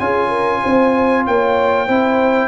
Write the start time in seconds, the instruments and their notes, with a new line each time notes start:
0.00 tuba C#4, trombone F4, horn G#4, trumpet G#5
0.28 horn A#4
0.63 tuba C4, horn C5
1.27 tuba A#3, horn C#5, trumpet G5
1.87 tuba C4, trombone E4, horn C5